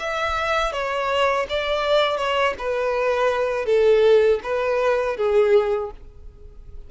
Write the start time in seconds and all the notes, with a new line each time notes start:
0.00 E5
0.73 C#5
1.49 D5
2.18 C#5
2.59 B4
3.66 A4
4.44 B4
5.17 G#4